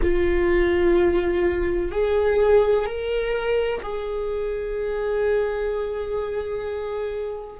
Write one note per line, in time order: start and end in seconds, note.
0.02 1.91 F4
1.91 2.86 G#4
2.86 3.81 A#4
3.82 7.60 G#4